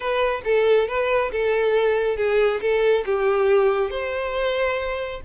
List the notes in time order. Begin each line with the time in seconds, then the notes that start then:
0.00 B4
0.44 A4
0.87 B4
1.31 A4
2.16 G#4
2.61 A4
3.05 G4
3.90 C5